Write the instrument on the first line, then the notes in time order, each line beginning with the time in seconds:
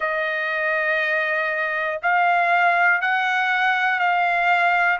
trumpet
0.00 D#5
2.02 F5
3.00 F#5
3.99 F5